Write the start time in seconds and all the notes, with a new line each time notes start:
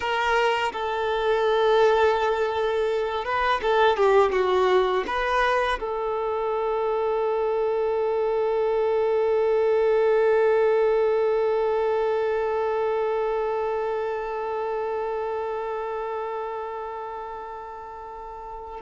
0.00 A#4
0.72 A4
3.24 B4
3.61 A4
3.96 G4
4.32 F#4
5.06 B4
5.79 A4